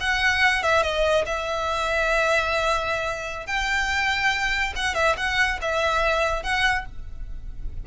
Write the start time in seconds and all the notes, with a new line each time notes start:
0.00 F#5
0.63 E5
0.83 D#5
1.26 E5
3.46 G5
4.76 F#5
4.95 E5
5.17 F#5
5.61 E5
6.43 F#5